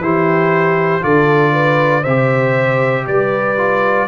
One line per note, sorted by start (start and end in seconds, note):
0.00 1.02 E3
0.00 1.01 E4
0.00 1.04 G4
0.00 1.04 C5
1.01 2.05 D3
1.01 2.03 F4
1.01 1.53 A4
1.01 2.04 D5
1.53 2.02 B4
2.02 3.07 C3
2.02 3.04 C5
2.02 3.06 E5
2.08 3.57 G4
3.07 4.08 G3
3.07 4.08 B4
3.07 4.08 D5
3.57 4.08 F4